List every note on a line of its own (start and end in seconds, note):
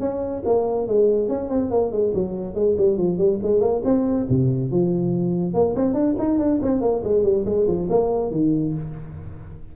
0.00 0.43 C#4
0.45 0.87 A#3
0.87 1.29 G#3
1.29 1.49 C#4
1.49 1.71 C4
1.71 1.92 A#3
1.92 2.13 G#3
2.14 2.55 F#3
2.55 2.76 G#3
2.78 2.97 G3
2.97 3.18 F3
3.18 3.39 G3
3.43 3.61 G#3
3.61 3.82 A#3
3.85 4.27 C4
4.29 4.71 C3
4.71 5.54 F3
5.54 5.75 A#3
5.76 5.94 C4
5.94 6.15 D4
6.19 6.39 D#4
6.39 6.60 D4
6.62 6.81 C4
6.81 7.03 A#3
7.04 7.24 G#3
7.24 7.45 G3
7.45 7.67 G#3
7.68 7.89 F3
7.90 8.31 A#3
8.31 8.73 D#3